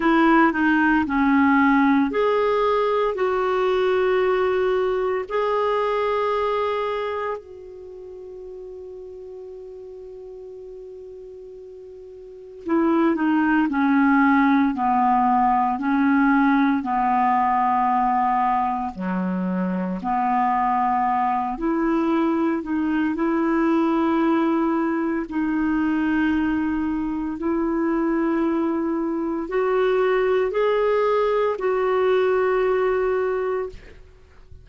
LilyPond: \new Staff \with { instrumentName = "clarinet" } { \time 4/4 \tempo 4 = 57 e'8 dis'8 cis'4 gis'4 fis'4~ | fis'4 gis'2 fis'4~ | fis'1 | e'8 dis'8 cis'4 b4 cis'4 |
b2 fis4 b4~ | b8 e'4 dis'8 e'2 | dis'2 e'2 | fis'4 gis'4 fis'2 | }